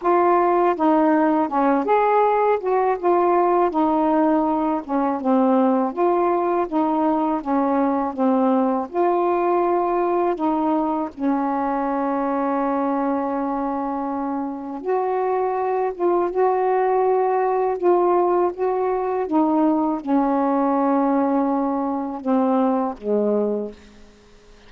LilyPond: \new Staff \with { instrumentName = "saxophone" } { \time 4/4 \tempo 4 = 81 f'4 dis'4 cis'8 gis'4 fis'8 | f'4 dis'4. cis'8 c'4 | f'4 dis'4 cis'4 c'4 | f'2 dis'4 cis'4~ |
cis'1 | fis'4. f'8 fis'2 | f'4 fis'4 dis'4 cis'4~ | cis'2 c'4 gis4 | }